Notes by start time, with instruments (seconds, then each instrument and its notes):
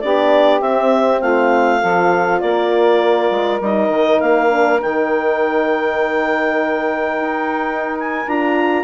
0.00 bassoon B3, horn D4, saxophone G4, clarinet D5
0.61 bassoon C4, horn C4, clarinet E5
1.20 bassoon A3, saxophone F4, clarinet F5
1.80 bassoon F3, horn F4, saxophone A4
2.40 bassoon A#3, saxophone A#4, clarinet D5
3.30 bassoon G#3
3.61 bassoon G3, horn D#4, clarinet D#5
3.89 bassoon D#3
4.20 bassoon A#3, clarinet F5
4.49 horn D4
4.80 bassoon D#3, horn D#4, clarinet G5
7.20 bassoon D#4
7.99 clarinet G#5
8.27 bassoon D4, horn F4, clarinet A#5